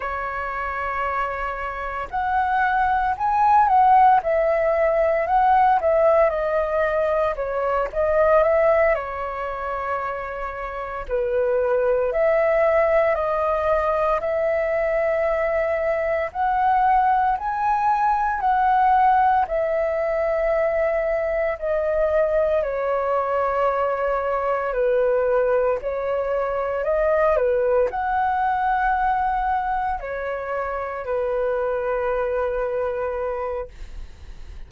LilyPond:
\new Staff \with { instrumentName = "flute" } { \time 4/4 \tempo 4 = 57 cis''2 fis''4 gis''8 fis''8 | e''4 fis''8 e''8 dis''4 cis''8 dis''8 | e''8 cis''2 b'4 e''8~ | e''8 dis''4 e''2 fis''8~ |
fis''8 gis''4 fis''4 e''4.~ | e''8 dis''4 cis''2 b'8~ | b'8 cis''4 dis''8 b'8 fis''4.~ | fis''8 cis''4 b'2~ b'8 | }